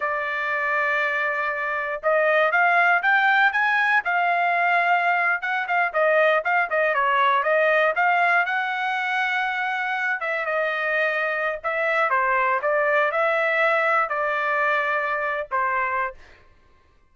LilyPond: \new Staff \with { instrumentName = "trumpet" } { \time 4/4 \tempo 4 = 119 d''1 | dis''4 f''4 g''4 gis''4 | f''2~ f''8. fis''8 f''8 dis''16~ | dis''8. f''8 dis''8 cis''4 dis''4 f''16~ |
f''8. fis''2.~ fis''16~ | fis''16 e''8 dis''2~ dis''16 e''4 | c''4 d''4 e''2 | d''2~ d''8. c''4~ c''16 | }